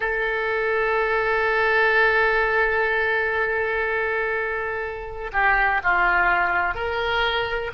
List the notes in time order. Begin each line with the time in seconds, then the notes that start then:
0.00 A4
5.32 G4
5.83 F4
6.74 A#4